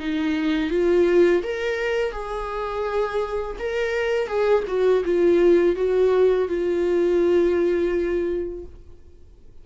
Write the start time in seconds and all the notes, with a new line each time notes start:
0.00 D#4
0.71 F4
1.44 A#4
2.13 G#4
3.59 A#4
4.28 G#4
4.68 F#4
5.05 F4
5.76 F#4
6.49 F4